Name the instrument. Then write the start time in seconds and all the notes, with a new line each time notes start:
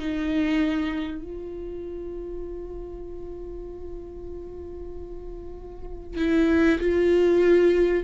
viola
0.00 D#4
1.22 F4
6.17 E4
6.80 F4